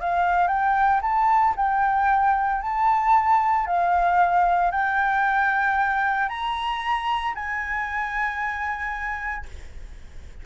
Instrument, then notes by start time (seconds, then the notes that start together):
flute
0.00 F5
0.47 G5
1.01 A5
1.56 G5
2.61 A5
3.66 F5
4.71 G5
6.28 A#5
7.34 G#5